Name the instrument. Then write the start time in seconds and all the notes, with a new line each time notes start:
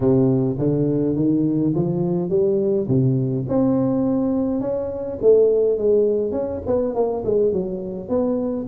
tuba
0.00 C3
0.58 D3
1.16 D#3
1.75 F3
2.29 G3
2.88 C3
3.48 C4
4.60 C#4
5.21 A3
5.77 G#3
6.31 C#4
6.66 B3
6.94 A#3
7.24 G#3
7.52 F#3
8.08 B3